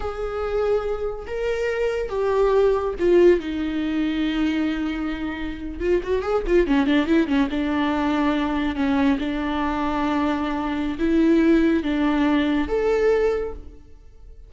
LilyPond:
\new Staff \with { instrumentName = "viola" } { \time 4/4 \tempo 4 = 142 gis'2. ais'4~ | ais'4 g'2 f'4 | dis'1~ | dis'4.~ dis'16 f'8 fis'8 gis'8 f'8 cis'16~ |
cis'16 d'8 e'8 cis'8 d'2~ d'16~ | d'8. cis'4 d'2~ d'16~ | d'2 e'2 | d'2 a'2 | }